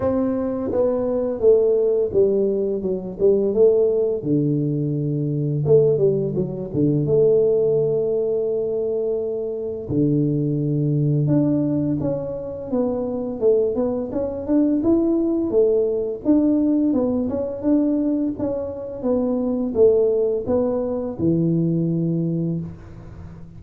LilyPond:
\new Staff \with { instrumentName = "tuba" } { \time 4/4 \tempo 4 = 85 c'4 b4 a4 g4 | fis8 g8 a4 d2 | a8 g8 fis8 d8 a2~ | a2 d2 |
d'4 cis'4 b4 a8 b8 | cis'8 d'8 e'4 a4 d'4 | b8 cis'8 d'4 cis'4 b4 | a4 b4 e2 | }